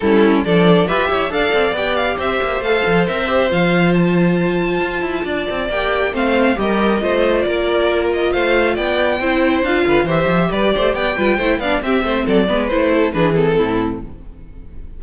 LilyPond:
<<
  \new Staff \with { instrumentName = "violin" } { \time 4/4 \tempo 4 = 137 a'4 d''4 e''4 f''4 | g''8 f''8 e''4 f''4 e''4 | f''4 a''2.~ | a''4 g''4 f''4 dis''4~ |
dis''4 d''4. dis''8 f''4 | g''2 f''4 e''4 | d''4 g''4. f''8 e''4 | d''4 c''4 b'8 a'4. | }
  \new Staff \with { instrumentName = "violin" } { \time 4/4 e'4 a'4 b'8 cis''8 d''4~ | d''4 c''2.~ | c''1 | d''2 c''4 ais'4 |
c''4 ais'2 c''4 | d''4 c''4. b'8 c''4 | b'8 c''8 d''8 b'8 c''8 d''8 g'8 c''8 | a'8 b'4 a'8 gis'4 e'4 | }
  \new Staff \with { instrumentName = "viola" } { \time 4/4 cis'4 d'4 g'4 a'4 | g'2 a'4 ais'8 g'8 | f'1~ | f'4 g'4 c'4 g'4 |
f'1~ | f'4 e'4 f'4 g'4~ | g'4. f'8 e'8 d'8 c'4~ | c'8 b8 e'4 d'8 c'4. | }
  \new Staff \with { instrumentName = "cello" } { \time 4/4 g4 f4 f'8 e'8 d'8 c'8 | b4 c'8 ais8 a8 f8 c'4 | f2. f'8 e'8 | d'8 c'8 ais4 a4 g4 |
a4 ais2 a4 | b4 c'4 d'8 d8 e8 f8 | g8 a8 b8 g8 a8 b8 c'8 a8 | fis8 gis8 a4 e4 a,4 | }
>>